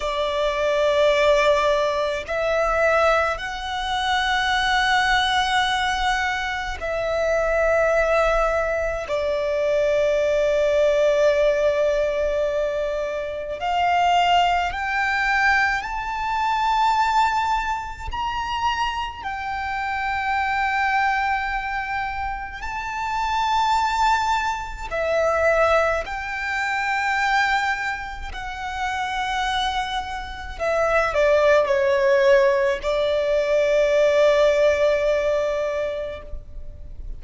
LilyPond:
\new Staff \with { instrumentName = "violin" } { \time 4/4 \tempo 4 = 53 d''2 e''4 fis''4~ | fis''2 e''2 | d''1 | f''4 g''4 a''2 |
ais''4 g''2. | a''2 e''4 g''4~ | g''4 fis''2 e''8 d''8 | cis''4 d''2. | }